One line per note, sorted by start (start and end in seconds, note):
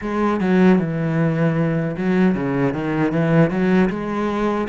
0.01 0.40 G#3
0.40 0.79 F#3
0.79 1.96 E3
1.97 2.34 F#3
2.34 2.73 C#3
2.73 3.12 D#3
3.12 3.50 E3
3.50 3.89 F#3
3.89 4.67 G#3